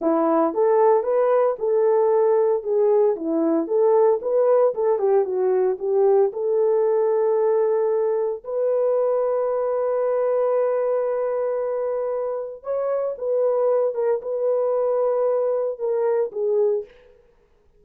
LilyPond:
\new Staff \with { instrumentName = "horn" } { \time 4/4 \tempo 4 = 114 e'4 a'4 b'4 a'4~ | a'4 gis'4 e'4 a'4 | b'4 a'8 g'8 fis'4 g'4 | a'1 |
b'1~ | b'1 | cis''4 b'4. ais'8 b'4~ | b'2 ais'4 gis'4 | }